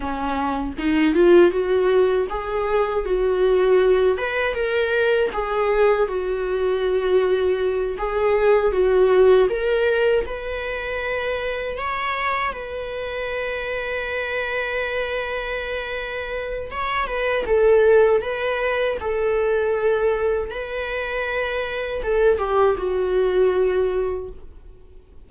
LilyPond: \new Staff \with { instrumentName = "viola" } { \time 4/4 \tempo 4 = 79 cis'4 dis'8 f'8 fis'4 gis'4 | fis'4. b'8 ais'4 gis'4 | fis'2~ fis'8 gis'4 fis'8~ | fis'8 ais'4 b'2 cis''8~ |
cis''8 b'2.~ b'8~ | b'2 cis''8 b'8 a'4 | b'4 a'2 b'4~ | b'4 a'8 g'8 fis'2 | }